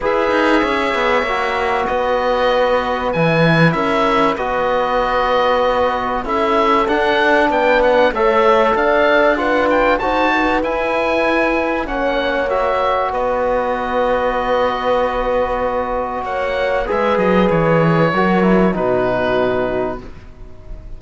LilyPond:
<<
  \new Staff \with { instrumentName = "oboe" } { \time 4/4 \tempo 4 = 96 e''2. dis''4~ | dis''4 gis''4 e''4 dis''4~ | dis''2 e''4 fis''4 | g''8 fis''8 e''4 f''4 fis''8 g''8 |
a''4 gis''2 fis''4 | e''4 dis''2.~ | dis''2 fis''4 e''8 dis''8 | cis''2 b'2 | }
  \new Staff \with { instrumentName = "horn" } { \time 4/4 b'4 cis''2 b'4~ | b'2 ais'4 b'4~ | b'2 a'2 | b'4 cis''4 d''4 b'4 |
c''8 b'2~ b'8 cis''4~ | cis''4 b'2.~ | b'2 cis''4 b'4~ | b'4 ais'4 fis'2 | }
  \new Staff \with { instrumentName = "trombone" } { \time 4/4 gis'2 fis'2~ | fis'4 e'2 fis'4~ | fis'2 e'4 d'4~ | d'4 a'2 f'4 |
fis'4 e'2 cis'4 | fis'1~ | fis'2. gis'4~ | gis'4 fis'8 e'8 dis'2 | }
  \new Staff \with { instrumentName = "cello" } { \time 4/4 e'8 dis'8 cis'8 b8 ais4 b4~ | b4 e4 cis'4 b4~ | b2 cis'4 d'4 | b4 a4 d'2 |
dis'4 e'2 ais4~ | ais4 b2.~ | b2 ais4 gis8 fis8 | e4 fis4 b,2 | }
>>